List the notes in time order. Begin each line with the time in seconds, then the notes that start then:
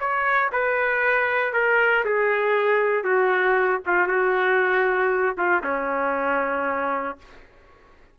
0.00 C#5
0.52 B4
1.53 A#4
2.05 G#4
3.04 F#4
3.86 F4
4.08 F#4
5.37 F4
5.64 C#4